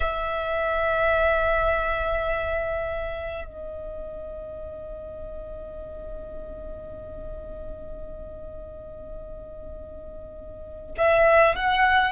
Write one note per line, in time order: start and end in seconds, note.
0.00 3.44 E5
3.45 10.95 D#5
10.97 11.55 E5
11.55 12.12 F#5